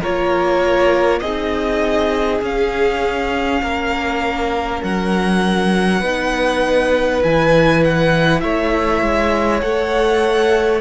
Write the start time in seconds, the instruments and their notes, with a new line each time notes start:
0.00 cello A#3, viola F4, violin A#4 C#5
1.19 cello C4, viola D#4, violin G#4 D#5
2.41 cello C#4, viola C#4, violin F5
3.62 cello A#3, violin A#4
4.82 cello F#3, violin F#5
6.00 cello B3, viola D#4, violin B4
7.22 cello E3, viola E4, violin G#5
7.84 violin F#5
8.40 cello A3, violin C#5 E5
9.01 cello G#3
9.61 cello A3, viola A4, violin F#5